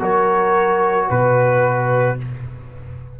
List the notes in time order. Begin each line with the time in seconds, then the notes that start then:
0.00 F#3 F#4 A#4 C#5
1.08 B2 B4